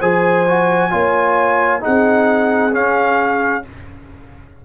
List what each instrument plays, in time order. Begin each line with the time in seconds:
0.00 tuba F3, trombone G#4, horn C5, trumpet G#5
0.49 trombone F#4
0.91 tuba A#3, trombone F4, horn C#5
1.81 trombone D#4, horn G#4, trumpet F#5
1.87 tuba C4
2.72 trombone C#4, tuba C#4, trumpet F5